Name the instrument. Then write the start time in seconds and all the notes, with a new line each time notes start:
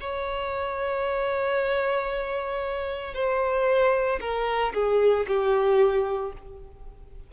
violin
0.00 C#5
3.14 C5
4.20 A#4
4.74 G#4
5.27 G4